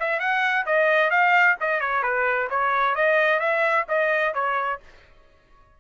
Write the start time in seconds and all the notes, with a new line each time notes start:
0.00 E5
0.20 F#5
0.66 D#5
1.10 F5
1.60 D#5
1.80 C#5
2.03 B4
2.50 C#5
2.95 D#5
3.40 E5
3.88 D#5
4.34 C#5